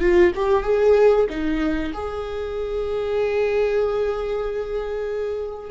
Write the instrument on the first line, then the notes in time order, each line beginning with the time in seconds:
viola
0.00 F4
0.35 G4
0.63 G#4
1.29 D#4
1.93 G#4